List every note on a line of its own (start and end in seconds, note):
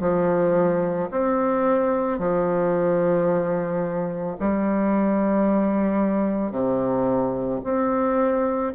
0.00 1.09 F3
1.11 2.19 C4
2.19 4.37 F3
4.40 6.52 G3
6.52 7.61 C3
7.64 8.73 C4